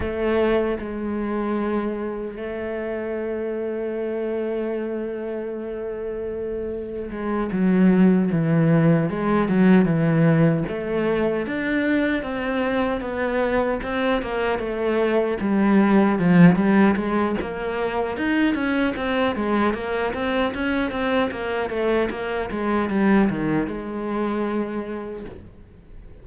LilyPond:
\new Staff \with { instrumentName = "cello" } { \time 4/4 \tempo 4 = 76 a4 gis2 a4~ | a1~ | a4 gis8 fis4 e4 gis8 | fis8 e4 a4 d'4 c'8~ |
c'8 b4 c'8 ais8 a4 g8~ | g8 f8 g8 gis8 ais4 dis'8 cis'8 | c'8 gis8 ais8 c'8 cis'8 c'8 ais8 a8 | ais8 gis8 g8 dis8 gis2 | }